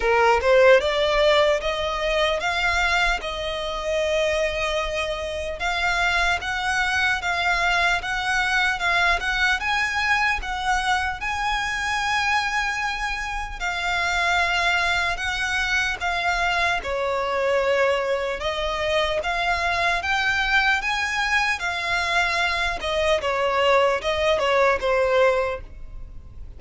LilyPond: \new Staff \with { instrumentName = "violin" } { \time 4/4 \tempo 4 = 75 ais'8 c''8 d''4 dis''4 f''4 | dis''2. f''4 | fis''4 f''4 fis''4 f''8 fis''8 | gis''4 fis''4 gis''2~ |
gis''4 f''2 fis''4 | f''4 cis''2 dis''4 | f''4 g''4 gis''4 f''4~ | f''8 dis''8 cis''4 dis''8 cis''8 c''4 | }